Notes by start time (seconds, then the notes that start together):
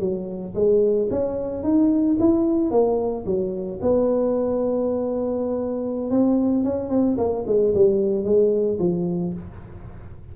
0.00 F#3
0.55 G#3
1.11 C#4
1.63 D#4
2.20 E4
2.71 A#3
3.26 F#3
3.82 B3
6.11 C4
6.64 C#4
6.90 C4
7.18 A#3
7.47 G#3
7.75 G3
8.25 G#3
8.80 F3